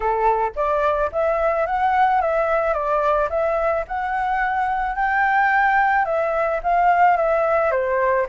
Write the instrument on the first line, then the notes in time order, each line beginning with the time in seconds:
flute
0.00 A4
0.55 D5
1.12 E5
1.66 F#5
2.21 E5
2.73 D5
3.29 E5
3.87 F#5
4.95 G5
6.05 E5
6.63 F5
7.16 E5
7.71 C5